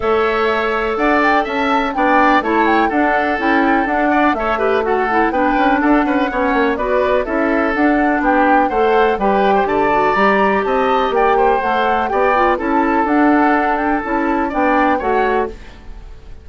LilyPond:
<<
  \new Staff \with { instrumentName = "flute" } { \time 4/4 \tempo 4 = 124 e''2 fis''8 g''8 a''4 | g''4 a''8 g''8 fis''4 g''4 | fis''4 e''4 fis''4 g''4 | fis''2 d''4 e''4 |
fis''4 g''4 fis''4 g''4 | a''4 ais''4 a''4 g''4 | fis''4 g''4 a''4 fis''4~ | fis''8 g''8 a''4 g''4 fis''4 | }
  \new Staff \with { instrumentName = "oboe" } { \time 4/4 cis''2 d''4 e''4 | d''4 cis''4 a'2~ | a'8 d''8 cis''8 b'8 a'4 b'4 | a'8 b'8 cis''4 b'4 a'4~ |
a'4 g'4 c''4 b'8. c''16 | d''2 dis''4 d''8 c''8~ | c''4 d''4 a'2~ | a'2 d''4 cis''4 | }
  \new Staff \with { instrumentName = "clarinet" } { \time 4/4 a'1 | d'4 e'4 d'4 e'4 | d'4 a'8 g'8 fis'8 e'8 d'4~ | d'4 cis'4 fis'4 e'4 |
d'2 a'4 g'4~ | g'8 fis'8 g'2. | a'4 g'8 f'8 e'4 d'4~ | d'4 e'4 d'4 fis'4 | }
  \new Staff \with { instrumentName = "bassoon" } { \time 4/4 a2 d'4 cis'4 | b4 a4 d'4 cis'4 | d'4 a2 b8 cis'8 | d'8 cis'8 b8 ais8 b4 cis'4 |
d'4 b4 a4 g4 | d4 g4 c'4 ais4 | a4 b4 cis'4 d'4~ | d'4 cis'4 b4 a4 | }
>>